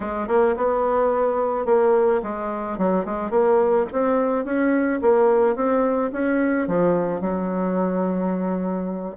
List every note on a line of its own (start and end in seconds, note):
0.00 0.27 G#3
0.27 0.55 A#3
0.56 1.65 B3
1.65 2.21 A#3
2.22 2.78 G#3
2.78 3.05 F#3
3.05 3.30 G#3
3.30 3.86 A#3
3.92 4.44 C4
4.44 5.00 C#4
5.01 5.55 A#3
5.55 6.11 C4
6.12 6.67 C#4
6.67 7.20 F3
7.20 9.15 F#3